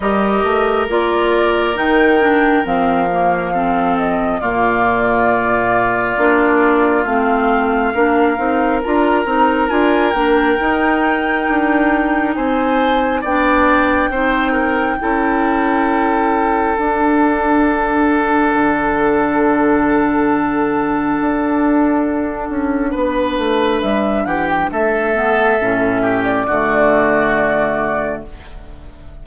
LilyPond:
<<
  \new Staff \with { instrumentName = "flute" } { \time 4/4 \tempo 4 = 68 dis''4 d''4 g''4 f''4~ | f''8 dis''8 d''2. | f''2 ais''4 gis''8 g''8~ | g''2 gis''4 g''4~ |
g''2. fis''4~ | fis''1~ | fis''2. e''8 fis''16 g''16 | e''4.~ e''16 d''2~ d''16 | }
  \new Staff \with { instrumentName = "oboe" } { \time 4/4 ais'1 | a'4 f'2.~ | f'4 ais'2.~ | ais'2 c''4 d''4 |
c''8 ais'8 a'2.~ | a'1~ | a'2 b'4. g'8 | a'4. g'8 fis'2 | }
  \new Staff \with { instrumentName = "clarinet" } { \time 4/4 g'4 f'4 dis'8 d'8 c'8 ais8 | c'4 ais2 d'4 | c'4 d'8 dis'8 f'8 dis'8 f'8 d'8 | dis'2. d'4 |
dis'4 e'2 d'4~ | d'1~ | d'1~ | d'8 b8 cis'4 a2 | }
  \new Staff \with { instrumentName = "bassoon" } { \time 4/4 g8 a8 ais4 dis4 f4~ | f4 ais,2 ais4 | a4 ais8 c'8 d'8 c'8 d'8 ais8 | dis'4 d'4 c'4 b4 |
c'4 cis'2 d'4~ | d'4 d2. | d'4. cis'8 b8 a8 g8 e8 | a4 a,4 d2 | }
>>